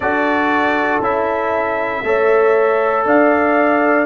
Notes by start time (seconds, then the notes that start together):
0.00 D4 F#4 A4 D5
1.00 C#4 E4 E5
2.03 A3 A4 C#5
3.05 D4 D5 F5